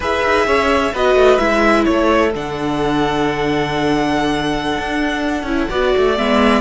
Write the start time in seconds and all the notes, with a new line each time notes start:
0.00 E4 G#4 B4 E5
0.24 D#4
0.46 C#4 C#5
0.93 B3 F#4 B4 D#5
1.15 A3
1.38 G#3 E4 E5
1.84 A3 A4 C#5
2.34 D3 D4 F#5
4.78 D4
5.43 C#4 E4
5.69 B3 F#4 D5
5.97 A3
6.17 G#3 B3 E5